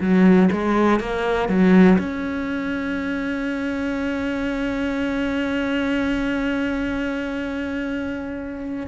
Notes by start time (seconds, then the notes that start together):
0.00 F#3
0.51 G#3
1.00 A#3
1.49 F#3
1.98 C#4